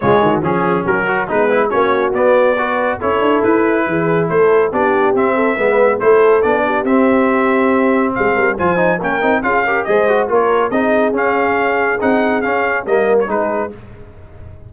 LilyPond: <<
  \new Staff \with { instrumentName = "trumpet" } { \time 4/4 \tempo 4 = 140 cis''4 gis'4 ais'4 b'4 | cis''4 d''2 cis''4 | b'2 c''4 d''4 | e''2 c''4 d''4 |
e''2. f''4 | gis''4 g''4 f''4 dis''4 | cis''4 dis''4 f''2 | fis''4 f''4 dis''8. cis''16 b'4 | }
  \new Staff \with { instrumentName = "horn" } { \time 4/4 f'8 fis'8 gis'4 fis'4 b4 | fis'2 b'4 a'4~ | a'4 gis'4 a'4 g'4~ | g'8 a'8 b'4 a'4. g'8~ |
g'2. gis'8 ais'8 | c''4 ais'4 gis'8 ais'8 c''4 | ais'4 gis'2.~ | gis'2 ais'4 gis'4 | }
  \new Staff \with { instrumentName = "trombone" } { \time 4/4 gis4 cis'4. fis'8 dis'8 e'8 | cis'4 b4 fis'4 e'4~ | e'2. d'4 | c'4 b4 e'4 d'4 |
c'1 | f'8 dis'8 cis'8 dis'8 f'8 g'8 gis'8 fis'8 | f'4 dis'4 cis'2 | dis'4 cis'4 ais4 dis'4 | }
  \new Staff \with { instrumentName = "tuba" } { \time 4/4 cis8 dis8 f4 fis4 gis4 | ais4 b2 cis'8 d'8 | e'4 e4 a4 b4 | c'4 gis4 a4 b4 |
c'2. gis8 g8 | f4 ais8 c'8 cis'4 gis4 | ais4 c'4 cis'2 | c'4 cis'4 g4 gis4 | }
>>